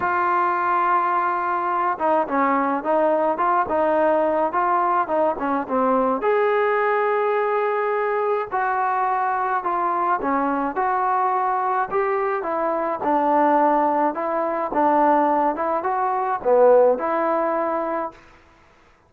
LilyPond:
\new Staff \with { instrumentName = "trombone" } { \time 4/4 \tempo 4 = 106 f'2.~ f'8 dis'8 | cis'4 dis'4 f'8 dis'4. | f'4 dis'8 cis'8 c'4 gis'4~ | gis'2. fis'4~ |
fis'4 f'4 cis'4 fis'4~ | fis'4 g'4 e'4 d'4~ | d'4 e'4 d'4. e'8 | fis'4 b4 e'2 | }